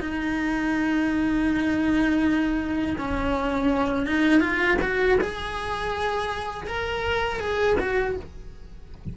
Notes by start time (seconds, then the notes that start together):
0.00 D#4
2.98 C#4
4.06 D#4
4.41 F4
4.81 F#4
5.21 G#4
6.67 A#4
7.39 G#4
7.79 F#4